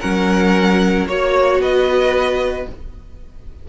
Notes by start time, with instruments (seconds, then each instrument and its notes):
0.00 cello F#3, viola C#4, violin A#4 F#5
1.06 cello A#3, viola F#4, violin C#5
1.59 cello B3, violin B4 D#5